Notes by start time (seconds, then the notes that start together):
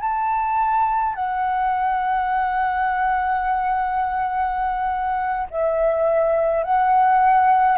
0.00 A5
1.14 F#5
5.50 E5
6.63 F#5